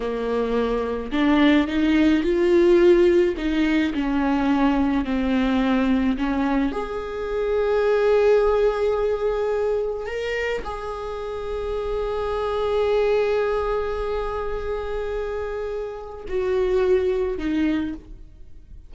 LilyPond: \new Staff \with { instrumentName = "viola" } { \time 4/4 \tempo 4 = 107 ais2 d'4 dis'4 | f'2 dis'4 cis'4~ | cis'4 c'2 cis'4 | gis'1~ |
gis'2 ais'4 gis'4~ | gis'1~ | gis'1~ | gis'4 fis'2 dis'4 | }